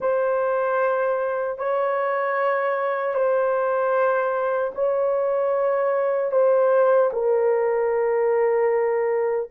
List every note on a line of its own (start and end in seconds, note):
0.00 1.58 C5
1.58 3.14 C#5
3.14 4.72 C5
4.74 6.31 C#5
6.31 7.10 C5
7.13 9.50 A#4